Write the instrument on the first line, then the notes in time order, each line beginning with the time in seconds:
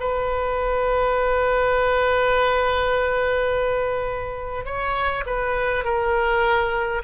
oboe
0.00 B4
4.65 C#5
5.26 B4
5.84 A#4